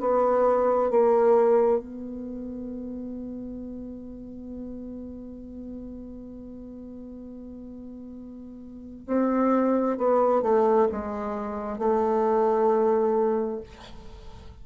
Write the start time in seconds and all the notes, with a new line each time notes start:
0.00 B3
0.90 A#3
1.79 B3
9.07 C4
9.98 B3
10.42 A3
10.91 G#3
11.78 A3